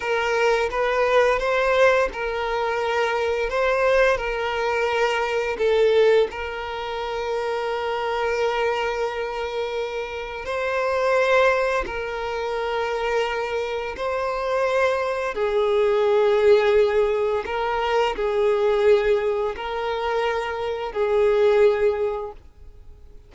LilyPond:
\new Staff \with { instrumentName = "violin" } { \time 4/4 \tempo 4 = 86 ais'4 b'4 c''4 ais'4~ | ais'4 c''4 ais'2 | a'4 ais'2.~ | ais'2. c''4~ |
c''4 ais'2. | c''2 gis'2~ | gis'4 ais'4 gis'2 | ais'2 gis'2 | }